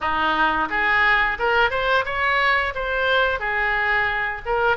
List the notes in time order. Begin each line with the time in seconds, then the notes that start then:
0.00 D#4
0.69 G#4
1.38 A#4
1.70 C5
2.05 C#5
2.74 C5
3.39 G#4
4.45 A#4